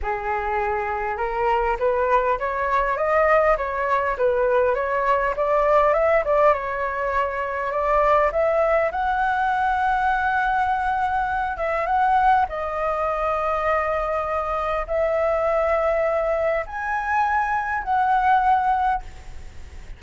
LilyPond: \new Staff \with { instrumentName = "flute" } { \time 4/4 \tempo 4 = 101 gis'2 ais'4 b'4 | cis''4 dis''4 cis''4 b'4 | cis''4 d''4 e''8 d''8 cis''4~ | cis''4 d''4 e''4 fis''4~ |
fis''2.~ fis''8 e''8 | fis''4 dis''2.~ | dis''4 e''2. | gis''2 fis''2 | }